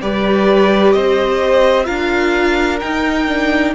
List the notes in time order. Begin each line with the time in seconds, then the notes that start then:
0.00 G3 G4 B4 D5
0.92 C4 C5 D#5
1.84 D4 F4 A#4 F5
2.79 D#4 G5
3.27 D4